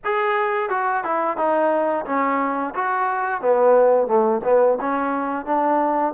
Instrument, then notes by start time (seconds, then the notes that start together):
trombone
0.04 G#4
0.69 F#4
1.04 E4
1.37 D#4
2.05 C#4
2.75 F#4
3.41 B3
4.07 A3
4.44 B3
4.80 C#4
5.45 D4